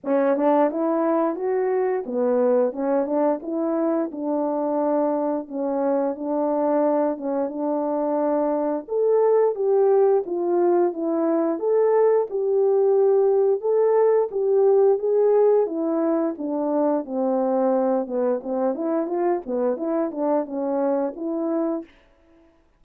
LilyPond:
\new Staff \with { instrumentName = "horn" } { \time 4/4 \tempo 4 = 88 cis'8 d'8 e'4 fis'4 b4 | cis'8 d'8 e'4 d'2 | cis'4 d'4. cis'8 d'4~ | d'4 a'4 g'4 f'4 |
e'4 a'4 g'2 | a'4 g'4 gis'4 e'4 | d'4 c'4. b8 c'8 e'8 | f'8 b8 e'8 d'8 cis'4 e'4 | }